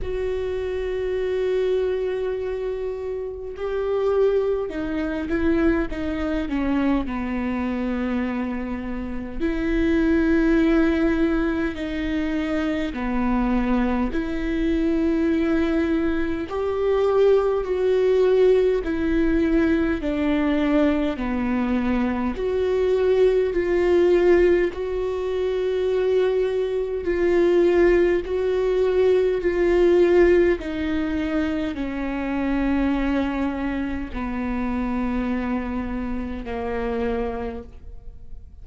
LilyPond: \new Staff \with { instrumentName = "viola" } { \time 4/4 \tempo 4 = 51 fis'2. g'4 | dis'8 e'8 dis'8 cis'8 b2 | e'2 dis'4 b4 | e'2 g'4 fis'4 |
e'4 d'4 b4 fis'4 | f'4 fis'2 f'4 | fis'4 f'4 dis'4 cis'4~ | cis'4 b2 ais4 | }